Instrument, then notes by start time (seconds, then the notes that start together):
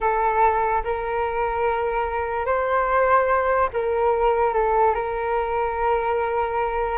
flute
0.00 A4
0.84 A#4
2.45 C5
3.73 A#4
4.53 A4
4.94 A#4